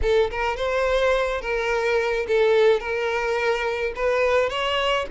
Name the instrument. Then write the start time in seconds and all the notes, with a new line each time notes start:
violin
0.02 A4
0.30 A#4
0.56 C5
1.41 A#4
2.27 A4
2.80 A#4
3.95 B4
4.49 C#5